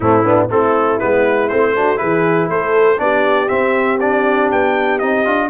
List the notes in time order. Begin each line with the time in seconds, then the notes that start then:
0.00 A2 A3 C4 E4
0.23 B3 D4
0.50 A3 C4 E4 A4
0.99 G#3 B3 B4
1.48 A3 C4 C5
1.75 D4 F#4
1.96 E3 E4 G#4 B4
2.48 A3 A4 C5
2.97 B3 D4 G4 D5
3.48 C4 E5
4.00 D4 D5
4.51 B3 G5
4.98 C4 D#4 D#5
5.25 D4 F4